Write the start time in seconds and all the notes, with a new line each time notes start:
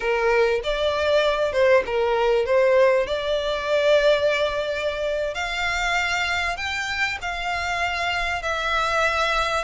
0.00 A#4
0.63 D5
1.52 C5
1.86 A#4
2.45 C5
3.06 D5
5.34 F5
6.56 G5
7.21 F5
8.42 E5